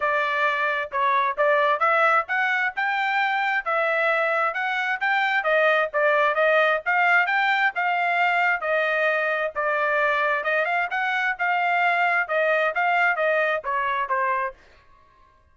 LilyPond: \new Staff \with { instrumentName = "trumpet" } { \time 4/4 \tempo 4 = 132 d''2 cis''4 d''4 | e''4 fis''4 g''2 | e''2 fis''4 g''4 | dis''4 d''4 dis''4 f''4 |
g''4 f''2 dis''4~ | dis''4 d''2 dis''8 f''8 | fis''4 f''2 dis''4 | f''4 dis''4 cis''4 c''4 | }